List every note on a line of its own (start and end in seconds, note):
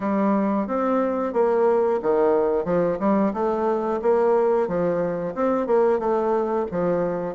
0.00 0.67 G3
0.67 1.33 C4
1.33 2.00 A#3
2.02 2.65 D#3
2.65 2.98 F3
2.99 3.32 G3
3.33 4.00 A3
4.02 4.68 A#3
4.68 5.34 F3
5.35 5.67 C4
5.67 5.99 A#3
5.99 6.65 A3
6.71 7.35 F3